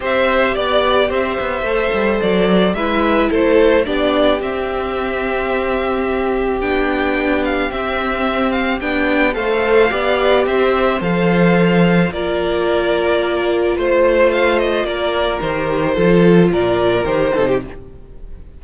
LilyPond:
<<
  \new Staff \with { instrumentName = "violin" } { \time 4/4 \tempo 4 = 109 e''4 d''4 e''2 | d''4 e''4 c''4 d''4 | e''1 | g''4. f''8 e''4. f''8 |
g''4 f''2 e''4 | f''2 d''2~ | d''4 c''4 f''8 dis''8 d''4 | c''2 d''4 c''4 | }
  \new Staff \with { instrumentName = "violin" } { \time 4/4 c''4 d''4 c''2~ | c''4 b'4 a'4 g'4~ | g'1~ | g'1~ |
g'4 c''4 d''4 c''4~ | c''2 ais'2~ | ais'4 c''2 ais'4~ | ais'4 a'4 ais'4. a'16 g'16 | }
  \new Staff \with { instrumentName = "viola" } { \time 4/4 g'2. a'4~ | a'4 e'2 d'4 | c'1 | d'2 c'2 |
d'4 a'4 g'2 | a'2 f'2~ | f'1 | g'4 f'2 g'8 dis'8 | }
  \new Staff \with { instrumentName = "cello" } { \time 4/4 c'4 b4 c'8 b8 a8 g8 | fis4 gis4 a4 b4 | c'1 | b2 c'2 |
b4 a4 b4 c'4 | f2 ais2~ | ais4 a2 ais4 | dis4 f4 ais,4 dis8 c8 | }
>>